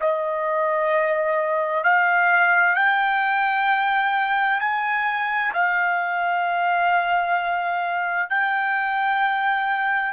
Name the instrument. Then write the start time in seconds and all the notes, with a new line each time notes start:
trumpet
0.00 D#5
1.84 F5
2.75 G5
4.60 G#5
5.53 F5
8.30 G5